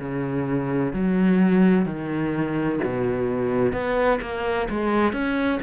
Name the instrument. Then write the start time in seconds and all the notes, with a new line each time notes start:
cello
0.00 C#3
0.94 F#3
1.86 D#3
2.84 B2
3.73 B3
4.22 A#3
4.70 G#3
5.13 C#4